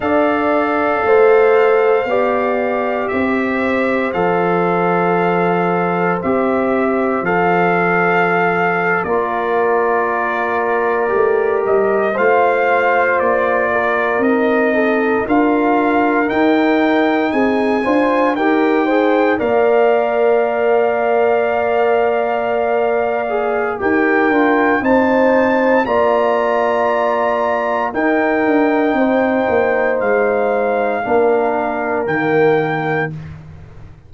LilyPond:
<<
  \new Staff \with { instrumentName = "trumpet" } { \time 4/4 \tempo 4 = 58 f''2. e''4 | f''2 e''4 f''4~ | f''8. d''2~ d''8 dis''8 f''16~ | f''8. d''4 dis''4 f''4 g''16~ |
g''8. gis''4 g''4 f''4~ f''16~ | f''2. g''4 | a''4 ais''2 g''4~ | g''4 f''2 g''4 | }
  \new Staff \with { instrumentName = "horn" } { \time 4/4 d''4 c''4 d''4 c''4~ | c''1~ | c''8. ais'2. c''16~ | c''4~ c''16 ais'4 a'8 ais'4~ ais'16~ |
ais'8. gis'8 c''8 ais'8 c''8 d''4~ d''16~ | d''2. ais'4 | c''4 d''2 ais'4 | c''2 ais'2 | }
  \new Staff \with { instrumentName = "trombone" } { \time 4/4 a'2 g'2 | a'2 g'4 a'4~ | a'8. f'2 g'4 f'16~ | f'4.~ f'16 dis'4 f'4 dis'16~ |
dis'4~ dis'16 f'8 g'8 gis'8 ais'4~ ais'16~ | ais'2~ ais'8 gis'8 g'8 f'8 | dis'4 f'2 dis'4~ | dis'2 d'4 ais4 | }
  \new Staff \with { instrumentName = "tuba" } { \time 4/4 d'4 a4 b4 c'4 | f2 c'4 f4~ | f8. ais2 a8 g8 a16~ | a8. ais4 c'4 d'4 dis'16~ |
dis'8. c'8 d'8 dis'4 ais4~ ais16~ | ais2. dis'8 d'8 | c'4 ais2 dis'8 d'8 | c'8 ais8 gis4 ais4 dis4 | }
>>